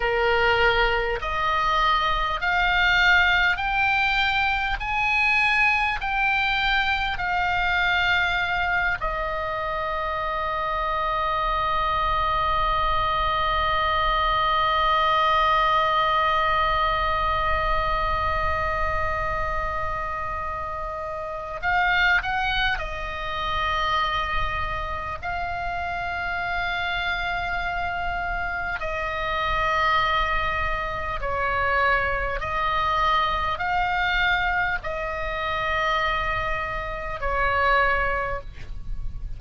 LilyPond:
\new Staff \with { instrumentName = "oboe" } { \time 4/4 \tempo 4 = 50 ais'4 dis''4 f''4 g''4 | gis''4 g''4 f''4. dis''8~ | dis''1~ | dis''1~ |
dis''2 f''8 fis''8 dis''4~ | dis''4 f''2. | dis''2 cis''4 dis''4 | f''4 dis''2 cis''4 | }